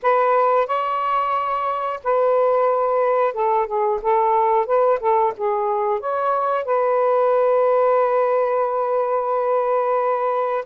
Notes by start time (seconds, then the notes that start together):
0.02 B4
0.66 C#5
2.03 B4
3.33 A4
3.66 G#4
4.02 A4
4.65 B4
5.00 A4
5.37 G#4
5.99 C#5
6.65 B4